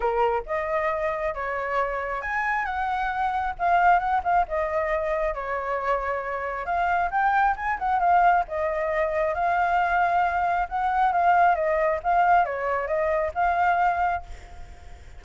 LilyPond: \new Staff \with { instrumentName = "flute" } { \time 4/4 \tempo 4 = 135 ais'4 dis''2 cis''4~ | cis''4 gis''4 fis''2 | f''4 fis''8 f''8 dis''2 | cis''2. f''4 |
g''4 gis''8 fis''8 f''4 dis''4~ | dis''4 f''2. | fis''4 f''4 dis''4 f''4 | cis''4 dis''4 f''2 | }